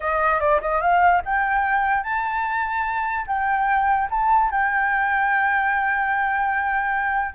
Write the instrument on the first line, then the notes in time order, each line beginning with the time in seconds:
flute
0.00 D#5
0.40 D5
0.61 D#5
0.81 F5
1.25 G5
2.03 A5
3.26 G5
4.10 A5
4.50 G5